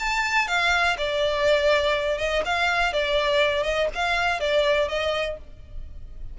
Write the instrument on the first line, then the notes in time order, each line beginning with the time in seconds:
violin
0.00 A5
0.48 F5
0.98 D5
2.18 D#5
2.45 F5
2.93 D5
3.64 D#5
3.95 F5
4.40 D5
4.89 D#5